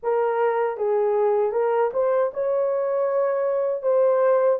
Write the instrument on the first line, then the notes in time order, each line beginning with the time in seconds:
horn
0.02 A#4
0.77 G#4
1.52 A#4
1.93 C5
2.33 C#5
3.82 C5